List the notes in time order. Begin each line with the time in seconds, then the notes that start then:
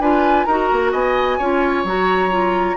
0.00 D4 F4 B4 G#5
0.45 D#4 F#4 A#4 A#5
0.72 A#3
0.92 B3 D#5 G#5
1.38 C#4 F4 C#5
1.85 F#3 F#4 A#5
2.31 F4